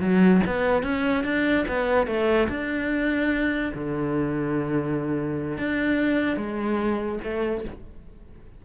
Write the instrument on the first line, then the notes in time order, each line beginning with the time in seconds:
cello
0.00 F#3
0.46 B3
0.83 C#4
1.24 D4
1.68 B3
2.07 A3
2.49 D4
3.74 D3
5.58 D4
6.37 G#3
7.23 A3